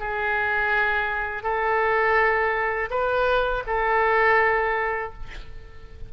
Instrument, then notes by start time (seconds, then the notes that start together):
oboe
0.00 G#4
1.43 A4
2.91 B4
3.67 A4